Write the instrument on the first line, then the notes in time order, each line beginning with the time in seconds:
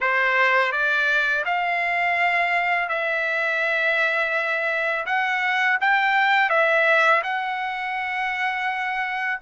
trumpet
0.00 C5
0.72 D5
1.45 F5
2.88 E5
5.06 F#5
5.81 G5
6.49 E5
7.23 F#5